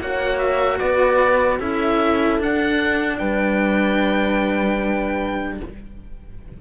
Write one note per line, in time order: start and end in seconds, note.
0.00 0.80 A#3
0.00 1.60 F#4
0.00 0.78 C#5
0.00 0.39 F#5
0.39 0.79 E5
0.78 1.60 B3
0.78 1.58 B4
0.78 1.59 D5
1.59 2.39 C#4
1.59 2.41 E4
1.59 3.19 A4
1.59 2.40 E5
2.39 3.19 D4
2.39 5.61 D4
2.39 3.18 F#5
3.18 5.60 G3
3.18 5.59 B4
3.18 5.58 G5